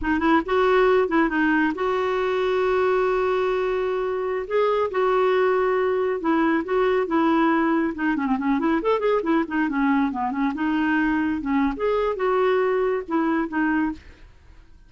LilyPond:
\new Staff \with { instrumentName = "clarinet" } { \time 4/4 \tempo 4 = 138 dis'8 e'8 fis'4. e'8 dis'4 | fis'1~ | fis'2~ fis'16 gis'4 fis'8.~ | fis'2~ fis'16 e'4 fis'8.~ |
fis'16 e'2 dis'8 cis'16 c'16 cis'8 e'16~ | e'16 a'8 gis'8 e'8 dis'8 cis'4 b8 cis'16~ | cis'16 dis'2 cis'8. gis'4 | fis'2 e'4 dis'4 | }